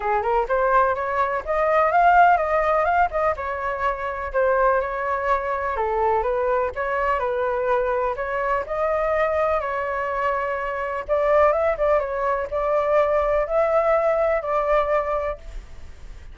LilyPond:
\new Staff \with { instrumentName = "flute" } { \time 4/4 \tempo 4 = 125 gis'8 ais'8 c''4 cis''4 dis''4 | f''4 dis''4 f''8 dis''8 cis''4~ | cis''4 c''4 cis''2 | a'4 b'4 cis''4 b'4~ |
b'4 cis''4 dis''2 | cis''2. d''4 | e''8 d''8 cis''4 d''2 | e''2 d''2 | }